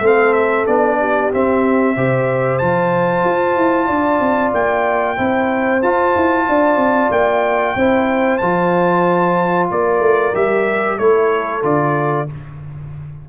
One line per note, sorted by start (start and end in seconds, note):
0.00 0.65 A3
0.00 0.67 C4
0.00 0.97 A4
0.07 0.33 F5
0.33 0.65 E5
0.67 1.32 B3
0.67 1.32 D4
0.67 1.31 D5
0.99 1.95 G4
1.33 1.96 C4
1.33 1.97 C4
1.33 2.58 E5
1.95 2.61 C3
1.95 2.61 G4
1.95 3.86 C5
2.58 3.24 F3
2.58 5.17 F4
2.58 4.52 A5
3.24 3.56 F4
3.56 3.89 E4
3.86 4.20 D4
3.86 5.15 D5
4.20 4.52 C4
4.54 5.18 A#3
4.54 5.82 G5
5.17 5.83 C4
5.17 5.81 E4
5.17 6.46 C5
5.82 6.15 F4
5.82 7.78 F4
5.82 7.11 A5
6.16 6.48 E4
6.49 6.76 D4
6.49 7.77 D5
6.76 7.08 C4
7.10 7.75 A#3
7.10 8.38 G5
7.75 8.40 C4
7.75 8.41 E4
7.75 9.70 C5
8.38 9.71 F3
8.38 10.34 F4
8.38 9.67 A5
9.70 10.00 A#3
9.70 10.99 A#4
9.70 10.35 D5
10.00 10.32 A3
10.34 10.99 G3
10.34 10.98 G4
10.34 10.98 E5
10.98 11.63 A3
10.98 11.62 E4
10.98 12.29 A4
10.98 11.63 C#5
11.62 12.27 D3
11.62 12.27 F4
11.62 12.29 D5